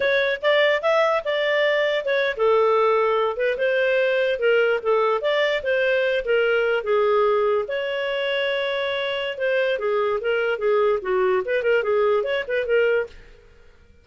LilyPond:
\new Staff \with { instrumentName = "clarinet" } { \time 4/4 \tempo 4 = 147 cis''4 d''4 e''4 d''4~ | d''4 cis''8. a'2~ a'16~ | a'16 b'8 c''2 ais'4 a'16~ | a'8. d''4 c''4. ais'8.~ |
ais'8. gis'2 cis''4~ cis''16~ | cis''2. c''4 | gis'4 ais'4 gis'4 fis'4 | b'8 ais'8 gis'4 cis''8 b'8 ais'4 | }